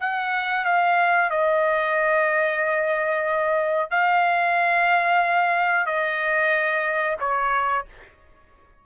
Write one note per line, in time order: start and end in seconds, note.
0.00 0.65 F#5
0.65 1.30 F5
1.30 3.91 D#5
3.91 5.86 F5
5.86 7.17 D#5
7.20 7.85 C#5